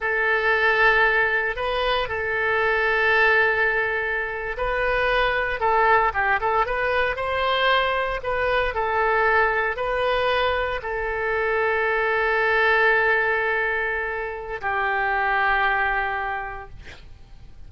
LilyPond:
\new Staff \with { instrumentName = "oboe" } { \time 4/4 \tempo 4 = 115 a'2. b'4 | a'1~ | a'8. b'2 a'4 g'16~ | g'16 a'8 b'4 c''2 b'16~ |
b'8. a'2 b'4~ b'16~ | b'8. a'2.~ a'16~ | a'1 | g'1 | }